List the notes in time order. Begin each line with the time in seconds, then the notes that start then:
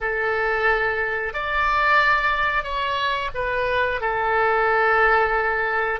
0.00 A4
1.33 D5
2.63 C#5
3.34 B4
4.00 A4